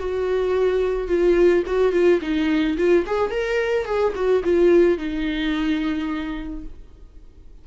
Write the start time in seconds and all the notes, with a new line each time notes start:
0.00 F#4
1.08 F4
1.67 F#4
1.93 F4
2.22 D#4
2.78 F4
3.07 G#4
3.31 A#4
3.86 G#4
4.16 F#4
4.44 F4
4.98 D#4